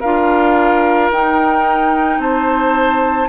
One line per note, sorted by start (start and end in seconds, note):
0.00 1.10 D4
0.00 1.13 F4
0.00 2.18 A#4
0.00 1.10 F5
1.10 2.18 D#4
1.10 3.29 D#4
1.10 2.21 G5
2.18 3.27 C4
2.18 3.29 C5
2.18 3.29 A5